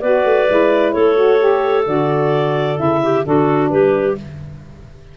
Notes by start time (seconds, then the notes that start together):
0.00 B3 F#4 B4 D5
0.24 A3
0.48 G#3 E4
0.92 A3 A4 C#5
1.16 F#4
1.39 G4
1.85 D3 F#4 D5
2.77 C#3 E4 E5
3.03 G4
3.23 D3 D4 F#4 A4
3.69 G3 G4 B4